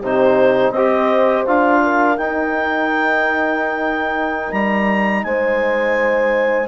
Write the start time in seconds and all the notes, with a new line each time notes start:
0.00 C3 D#4 G4 C5
0.70 C4 G4 C5 D#5
1.46 D4 F4 F5
1.82 A#4
2.17 D#4 G5
4.52 G3 A#5
5.23 G#3 C5 G#5